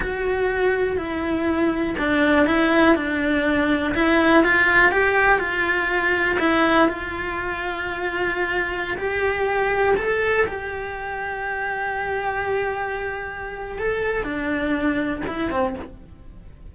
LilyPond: \new Staff \with { instrumentName = "cello" } { \time 4/4 \tempo 4 = 122 fis'2 e'2 | d'4 e'4 d'2 | e'4 f'4 g'4 f'4~ | f'4 e'4 f'2~ |
f'2~ f'16 g'4.~ g'16~ | g'16 a'4 g'2~ g'8.~ | g'1 | a'4 d'2 e'8 c'8 | }